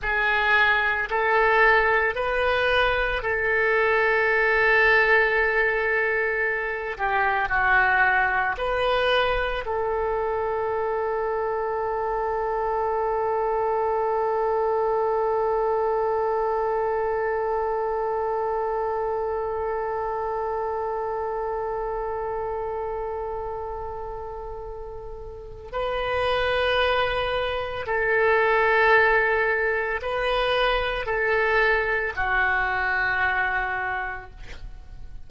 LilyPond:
\new Staff \with { instrumentName = "oboe" } { \time 4/4 \tempo 4 = 56 gis'4 a'4 b'4 a'4~ | a'2~ a'8 g'8 fis'4 | b'4 a'2.~ | a'1~ |
a'1~ | a'1 | b'2 a'2 | b'4 a'4 fis'2 | }